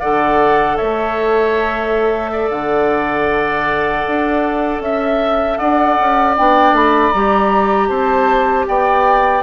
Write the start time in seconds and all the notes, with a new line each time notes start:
0.00 D3 A4 D5 F#5
0.77 A3 C#5 E5
2.32 D5
2.50 D3 F#5
4.07 D4
4.80 C#4 E5
5.58 D4 D5 F#5
5.99 C#4
6.37 B3 D4 G5
6.72 A3 B5
7.12 G3 G4 A#5
7.89 C4 C5 A5
8.67 B3 D5 G5